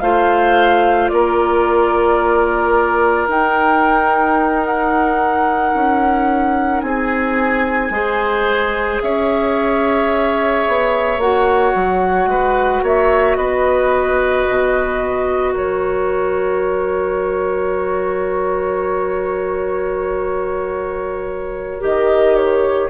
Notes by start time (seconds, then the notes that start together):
0.00 A3 F4 C5 F5
1.09 A#3 A#4 D5
3.28 D#4 G5
4.65 F#5
5.75 C#4
6.81 C4 G#4 G#5
7.90 G#3 G#4 C5
9.02 C#4 C#5 E5
10.68 B3
11.18 A#3 F#4 F#5
11.75 F#3
12.26 G#3 B4
12.82 A#3 C#5 E5
13.36 B3 B4 D#5
14.48 B2
15.53 F#3 A#4 C#5
21.81 D#3 G4 D#5
22.36 C#5